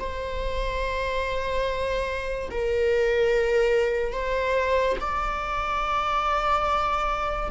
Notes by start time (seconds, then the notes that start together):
0.00 C5
2.51 A#4
4.13 C5
5.01 D5